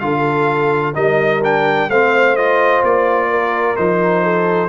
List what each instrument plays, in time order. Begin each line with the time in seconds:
0.00 tuba D3, trombone F4, horn A4, trumpet F5
0.95 tuba G3, trombone D#4, horn A#4, trumpet D#5
1.44 trombone D4, trumpet G5
1.89 tuba A3, trombone C4, horn C5, trumpet F5
2.37 trombone F4, trumpet D#5
2.83 tuba A#3, trumpet D5
3.30 horn A#4
3.77 tuba F3, trombone D#4, trumpet C5
4.23 horn A4